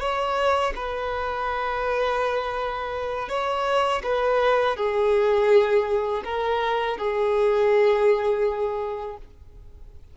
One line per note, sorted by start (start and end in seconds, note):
0.00 0.73 C#5
0.76 3.29 B4
3.29 4.02 C#5
4.03 4.77 B4
4.77 6.23 G#4
6.25 6.98 A#4
6.98 9.17 G#4